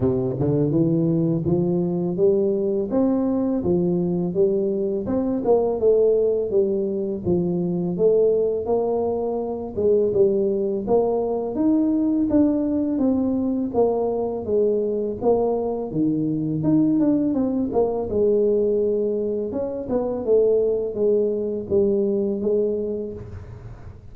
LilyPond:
\new Staff \with { instrumentName = "tuba" } { \time 4/4 \tempo 4 = 83 c8 d8 e4 f4 g4 | c'4 f4 g4 c'8 ais8 | a4 g4 f4 a4 | ais4. gis8 g4 ais4 |
dis'4 d'4 c'4 ais4 | gis4 ais4 dis4 dis'8 d'8 | c'8 ais8 gis2 cis'8 b8 | a4 gis4 g4 gis4 | }